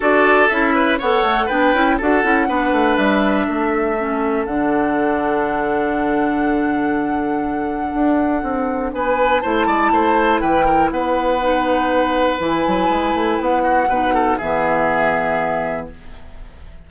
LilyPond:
<<
  \new Staff \with { instrumentName = "flute" } { \time 4/4 \tempo 4 = 121 d''4 e''4 fis''4 g''4 | fis''2 e''2~ | e''4 fis''2.~ | fis''1~ |
fis''2 gis''4 a''4~ | a''4 g''4 fis''2~ | fis''4 gis''2 fis''4~ | fis''4 e''2. | }
  \new Staff \with { instrumentName = "oboe" } { \time 4/4 a'4. b'8 cis''4 b'4 | a'4 b'2 a'4~ | a'1~ | a'1~ |
a'2 b'4 c''8 d''8 | c''4 b'8 ais'8 b'2~ | b'2.~ b'8 fis'8 | b'8 a'8 gis'2. | }
  \new Staff \with { instrumentName = "clarinet" } { \time 4/4 fis'4 e'4 a'4 d'8 e'8 | fis'8 e'8 d'2. | cis'4 d'2.~ | d'1~ |
d'2. e'4~ | e'2. dis'4~ | dis'4 e'2. | dis'4 b2. | }
  \new Staff \with { instrumentName = "bassoon" } { \time 4/4 d'4 cis'4 b8 a8 b8 cis'8 | d'8 cis'8 b8 a8 g4 a4~ | a4 d2.~ | d1 |
d'4 c'4 b4 a8 gis8 | a4 e4 b2~ | b4 e8 fis8 gis8 a8 b4 | b,4 e2. | }
>>